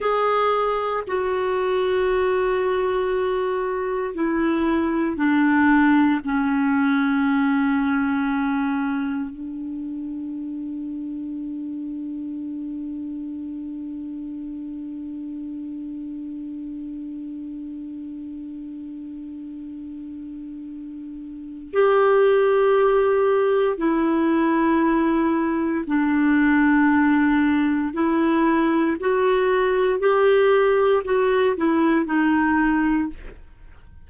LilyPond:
\new Staff \with { instrumentName = "clarinet" } { \time 4/4 \tempo 4 = 58 gis'4 fis'2. | e'4 d'4 cis'2~ | cis'4 d'2.~ | d'1~ |
d'1~ | d'4 g'2 e'4~ | e'4 d'2 e'4 | fis'4 g'4 fis'8 e'8 dis'4 | }